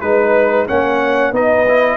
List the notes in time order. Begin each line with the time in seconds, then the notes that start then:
0.00 G#3 D#4 B4
0.67 A#3 C#4 C#5 F#5
1.31 B3 D#4 B4 D#5
1.68 E4